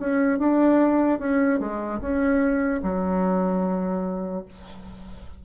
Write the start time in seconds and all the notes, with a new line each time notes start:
0.00 C#4
0.39 D4
1.19 C#4
1.60 G#3
2.00 C#4
2.83 F#3